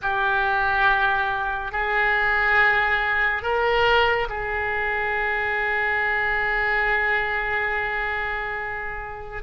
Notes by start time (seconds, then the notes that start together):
0.02 G4
1.72 G#4
3.42 A#4
4.29 G#4